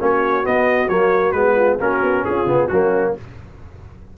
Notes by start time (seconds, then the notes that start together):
0.00 A#3 C#4 F#4 C#5
0.43 B3 D#5
0.89 F#3 A#3 C#5
1.32 G#3 B3 B4
1.55 F4
1.80 A#3 C#4 F#4 A#4
2.02 B3
2.25 C#4 F4 G#4
2.45 C#3 B3
2.68 F#3 A#3 C#4 F#4